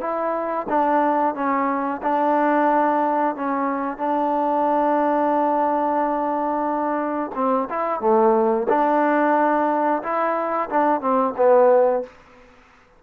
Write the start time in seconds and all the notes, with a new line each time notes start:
0.00 E4
0.68 D4
1.35 C#4
2.02 D4
3.35 C#4
3.98 D4
7.35 C4
7.69 E4
8.00 A3
8.69 D4
10.02 E4
10.69 D4
11.00 C4
11.37 B3